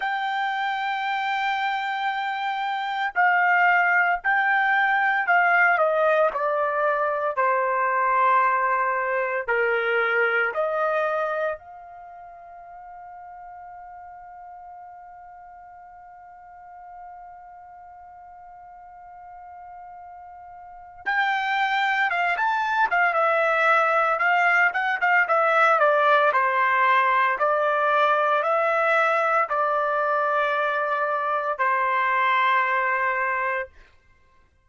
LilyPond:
\new Staff \with { instrumentName = "trumpet" } { \time 4/4 \tempo 4 = 57 g''2. f''4 | g''4 f''8 dis''8 d''4 c''4~ | c''4 ais'4 dis''4 f''4~ | f''1~ |
f''1 | g''4 f''16 a''8 f''16 e''4 f''8 fis''16 f''16 | e''8 d''8 c''4 d''4 e''4 | d''2 c''2 | }